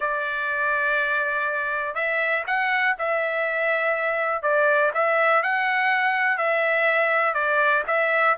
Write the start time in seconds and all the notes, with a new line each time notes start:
0.00 D5
1.94 E5
2.46 F#5
2.98 E5
4.42 D5
4.94 E5
5.42 F#5
6.37 E5
7.34 D5
7.87 E5